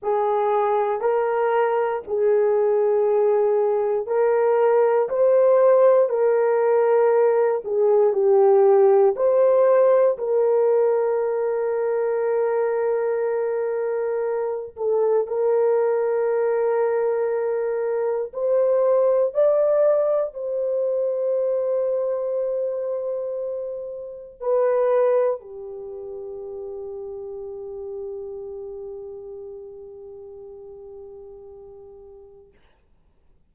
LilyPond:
\new Staff \with { instrumentName = "horn" } { \time 4/4 \tempo 4 = 59 gis'4 ais'4 gis'2 | ais'4 c''4 ais'4. gis'8 | g'4 c''4 ais'2~ | ais'2~ ais'8 a'8 ais'4~ |
ais'2 c''4 d''4 | c''1 | b'4 g'2.~ | g'1 | }